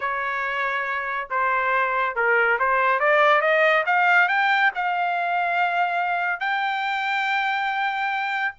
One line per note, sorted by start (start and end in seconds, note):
0.00 1.28 C#5
1.30 2.15 C5
2.15 2.58 A#4
2.59 2.99 C5
2.99 3.41 D5
3.41 3.84 D#5
3.86 4.28 F5
4.28 4.71 G5
4.74 6.40 F5
6.40 8.54 G5